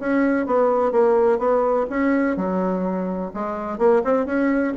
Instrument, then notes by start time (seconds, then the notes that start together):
bassoon
0.00 C#4
0.46 B3
0.92 A#3
1.39 B3
1.90 C#4
2.37 F#3
3.34 G#3
3.78 A#3
4.04 C4
4.26 C#4